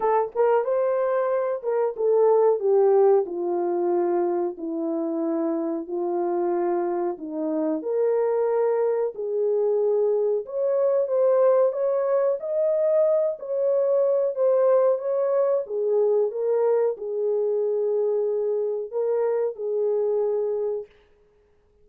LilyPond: \new Staff \with { instrumentName = "horn" } { \time 4/4 \tempo 4 = 92 a'8 ais'8 c''4. ais'8 a'4 | g'4 f'2 e'4~ | e'4 f'2 dis'4 | ais'2 gis'2 |
cis''4 c''4 cis''4 dis''4~ | dis''8 cis''4. c''4 cis''4 | gis'4 ais'4 gis'2~ | gis'4 ais'4 gis'2 | }